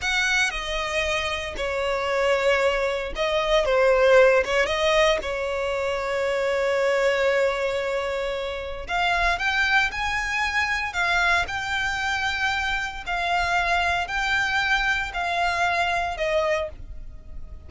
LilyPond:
\new Staff \with { instrumentName = "violin" } { \time 4/4 \tempo 4 = 115 fis''4 dis''2 cis''4~ | cis''2 dis''4 c''4~ | c''8 cis''8 dis''4 cis''2~ | cis''1~ |
cis''4 f''4 g''4 gis''4~ | gis''4 f''4 g''2~ | g''4 f''2 g''4~ | g''4 f''2 dis''4 | }